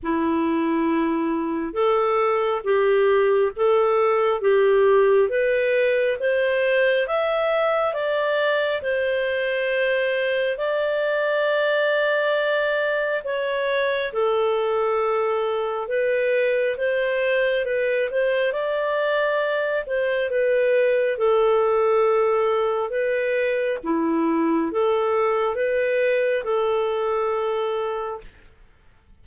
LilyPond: \new Staff \with { instrumentName = "clarinet" } { \time 4/4 \tempo 4 = 68 e'2 a'4 g'4 | a'4 g'4 b'4 c''4 | e''4 d''4 c''2 | d''2. cis''4 |
a'2 b'4 c''4 | b'8 c''8 d''4. c''8 b'4 | a'2 b'4 e'4 | a'4 b'4 a'2 | }